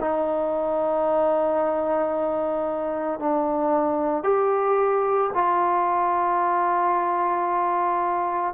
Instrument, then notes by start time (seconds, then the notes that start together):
trombone
0.00 D#4
3.19 D4
4.23 G4
5.33 F4